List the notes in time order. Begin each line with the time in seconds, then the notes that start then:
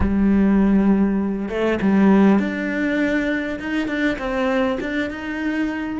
0.00 G3
1.48 A3
1.81 G3
2.39 D4
3.59 D#4
3.87 D4
4.18 C4
4.80 D4
5.10 D#4